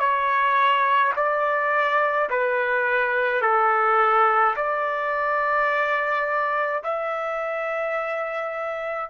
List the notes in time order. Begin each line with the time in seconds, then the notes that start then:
0.00 C#5
1.16 D5
2.31 B4
3.42 A4
4.56 D5
6.84 E5